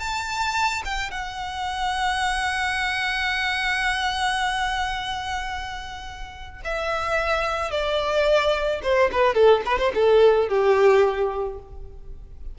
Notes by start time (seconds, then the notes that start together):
0.00 A5
0.85 G5
1.11 F#5
6.65 E5
7.71 D5
8.83 C5
9.12 B4
9.35 A4
9.66 B4
9.79 C5
9.95 A4
10.49 G4